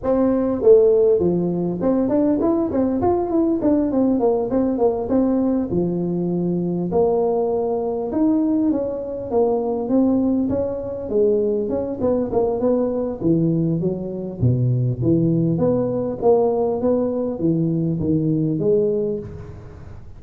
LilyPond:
\new Staff \with { instrumentName = "tuba" } { \time 4/4 \tempo 4 = 100 c'4 a4 f4 c'8 d'8 | e'8 c'8 f'8 e'8 d'8 c'8 ais8 c'8 | ais8 c'4 f2 ais8~ | ais4. dis'4 cis'4 ais8~ |
ais8 c'4 cis'4 gis4 cis'8 | b8 ais8 b4 e4 fis4 | b,4 e4 b4 ais4 | b4 e4 dis4 gis4 | }